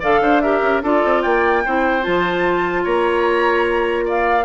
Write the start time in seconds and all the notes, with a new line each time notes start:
0.00 D3 A4 D5 F5
0.21 D4 C5
0.41 G4 A#4 E5
0.62 C#4
0.82 D4 F4 A4 D5
1.04 C4
1.22 A#3 D5 G5
1.64 C4 E4 C5
2.02 F3 F4 A5
2.83 A#3 C#5 A#5
4.05 D5 F5